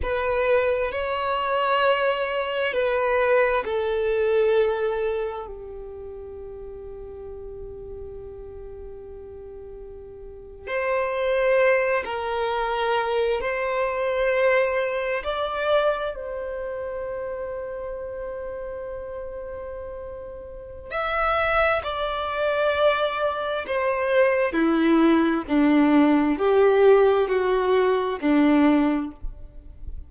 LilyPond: \new Staff \with { instrumentName = "violin" } { \time 4/4 \tempo 4 = 66 b'4 cis''2 b'4 | a'2 g'2~ | g'2.~ g'8. c''16~ | c''4~ c''16 ais'4. c''4~ c''16~ |
c''8. d''4 c''2~ c''16~ | c''2. e''4 | d''2 c''4 e'4 | d'4 g'4 fis'4 d'4 | }